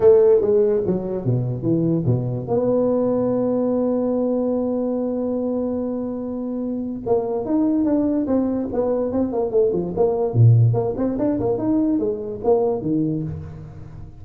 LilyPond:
\new Staff \with { instrumentName = "tuba" } { \time 4/4 \tempo 4 = 145 a4 gis4 fis4 b,4 | e4 b,4 b2~ | b1~ | b1~ |
b4 ais4 dis'4 d'4 | c'4 b4 c'8 ais8 a8 f8 | ais4 ais,4 ais8 c'8 d'8 ais8 | dis'4 gis4 ais4 dis4 | }